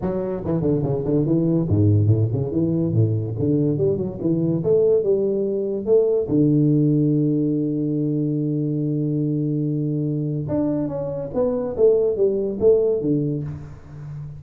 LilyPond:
\new Staff \with { instrumentName = "tuba" } { \time 4/4 \tempo 4 = 143 fis4 e8 d8 cis8 d8 e4 | gis,4 a,8 cis8 e4 a,4 | d4 g8 fis8 e4 a4 | g2 a4 d4~ |
d1~ | d1~ | d4 d'4 cis'4 b4 | a4 g4 a4 d4 | }